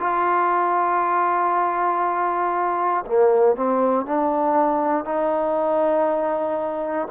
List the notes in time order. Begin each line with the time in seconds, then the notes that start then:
0.00 F4
3.06 A#3
3.56 C4
4.06 D4
5.05 D#4